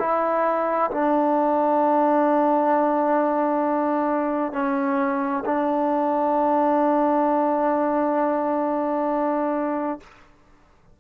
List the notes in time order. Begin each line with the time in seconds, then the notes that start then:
0.00 E4
0.91 D4
4.53 C#4
5.46 D4